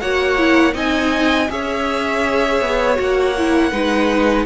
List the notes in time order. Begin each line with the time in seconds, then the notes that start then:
0.00 A#3 F#4 C#5 F#5
0.39 E4
0.73 C4 D#4 D#5 G#5
1.50 C#4 G#4 C#5 E5
2.61 B3
2.96 A#3 F#4 F#5
3.38 E4
3.72 G#3 D#4 B4